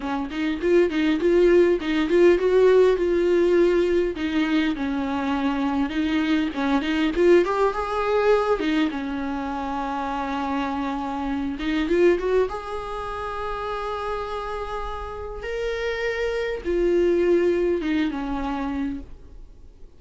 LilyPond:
\new Staff \with { instrumentName = "viola" } { \time 4/4 \tempo 4 = 101 cis'8 dis'8 f'8 dis'8 f'4 dis'8 f'8 | fis'4 f'2 dis'4 | cis'2 dis'4 cis'8 dis'8 | f'8 g'8 gis'4. dis'8 cis'4~ |
cis'2.~ cis'8 dis'8 | f'8 fis'8 gis'2.~ | gis'2 ais'2 | f'2 dis'8 cis'4. | }